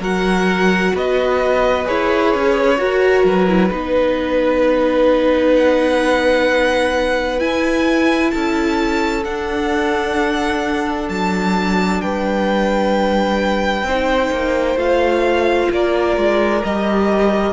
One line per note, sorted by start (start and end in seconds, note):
0.00 0.92 F#3
0.00 1.85 F#4
0.00 0.93 A#4
0.00 0.96 F#5
0.95 1.87 B3
0.95 2.79 B4
0.95 1.87 D#5
1.85 2.34 E4
1.85 2.77 G#4
1.85 3.26 C#5
2.34 2.79 C#4
2.77 3.47 F#4
2.77 3.24 F#4
2.77 3.69 A#4
3.24 3.70 F#3
3.24 5.55 B4
3.48 3.71 E4
3.69 7.40 B3
3.69 7.39 D#4
3.69 8.30 B4
5.55 7.40 F#5
7.39 9.23 E4
7.39 8.32 E4
7.39 8.31 G#5
8.31 9.26 C#4
8.31 12.02 A4
8.31 9.23 A5
9.24 13.85 D4
9.24 11.09 D4
9.24 11.09 F#5
11.09 12.02 F#3
11.09 12.01 A5
12.01 13.83 G3
12.01 13.87 B4
12.01 14.78 G5
13.83 14.29 C4
13.83 14.77 D#4
13.83 15.72 C5
14.32 14.76 A#3
14.76 15.68 A3
14.76 16.62 F4
14.76 15.71 F5
15.71 16.17 A#3
15.71 17.53 A#4
15.71 16.64 D5
16.17 16.63 G#3
16.64 17.53 G3
16.64 17.53 G4
16.64 17.53 D#5